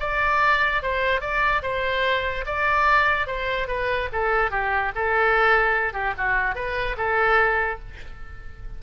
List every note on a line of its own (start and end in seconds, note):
0.00 0.82 D5
0.82 1.21 C5
1.21 1.62 D5
1.62 2.45 C5
2.46 3.27 D5
3.27 3.68 C5
3.68 4.09 B4
4.12 4.51 A4
4.51 4.92 G4
4.95 5.93 A4
5.93 6.13 G4
6.18 6.55 F#4
6.55 6.96 B4
6.97 7.79 A4